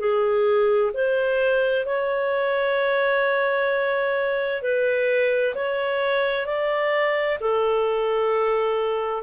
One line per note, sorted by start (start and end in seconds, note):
0.00 0.92 G#4
0.94 1.86 C5
1.86 4.62 C#5
4.62 5.55 B4
5.55 6.47 C#5
6.47 7.39 D5
7.41 9.23 A4